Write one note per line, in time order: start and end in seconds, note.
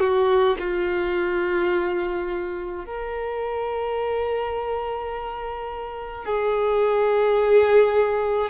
0.00 0.57 F#4
0.59 2.86 F4
2.86 6.25 A#4
6.25 8.51 G#4